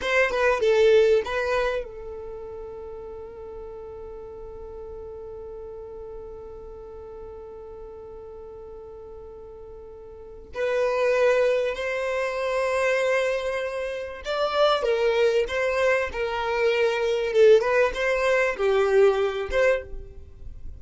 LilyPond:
\new Staff \with { instrumentName = "violin" } { \time 4/4 \tempo 4 = 97 c''8 b'8 a'4 b'4 a'4~ | a'1~ | a'1~ | a'1~ |
a'4 b'2 c''4~ | c''2. d''4 | ais'4 c''4 ais'2 | a'8 b'8 c''4 g'4. c''8 | }